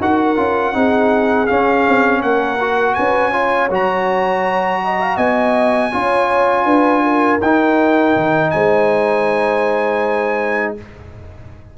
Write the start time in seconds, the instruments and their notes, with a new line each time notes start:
0.00 tuba D#4, trombone F#4, horn A#4, trumpet F#5
0.36 tuba C#4, trombone F4
0.73 tuba C4, trombone D#4, horn G#4
1.47 trombone C#4, tuba C#4, trumpet F5
1.88 tuba C4
2.20 tuba A#3, horn A#4, trumpet F#5
2.60 trombone F#4
2.94 tuba C#4, horn B4, trumpet G#5
3.32 trombone F4, horn C#5
3.70 tuba F#3, trombone F#4, trumpet A#5
4.84 horn D#5
5.01 horn F5
5.17 tuba B3, horn D#5, trumpet G#5
5.91 tuba C#4, trombone F4, horn C#5
6.64 tuba D4, horn B4
7.03 horn A#4
7.41 tuba D#4, trombone D#4, trumpet G5
8.16 tuba D#3
8.50 tuba G#3, horn C5, trumpet G#5